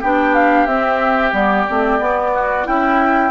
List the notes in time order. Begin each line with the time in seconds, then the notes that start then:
0.00 B3 D4 G4 G5
0.34 F5
0.66 C4 E5
1.33 G3 B3 D5
1.69 A3 C4
1.99 B3
2.34 F#4
2.64 C#4 E4 G5